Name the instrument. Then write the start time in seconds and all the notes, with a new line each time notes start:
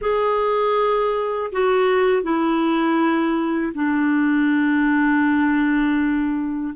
clarinet
0.01 G#4
1.52 F#4
2.23 E4
3.74 D4